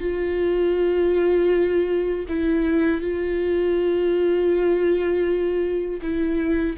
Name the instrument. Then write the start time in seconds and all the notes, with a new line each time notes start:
viola
0.00 F4
2.28 E4
3.01 F4
6.01 E4